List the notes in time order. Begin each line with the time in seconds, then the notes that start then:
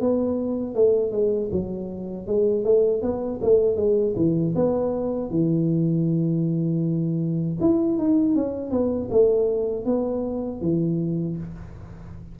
0.00 B3
0.75 A3
1.11 G#3
1.52 F#3
2.27 G#3
2.64 A3
3.02 B3
3.42 A3
3.76 G#3
4.16 E3
4.55 B3
5.30 E3
7.60 E4
7.98 D#4
8.35 C#4
8.71 B3
9.10 A3
9.85 B3
10.61 E3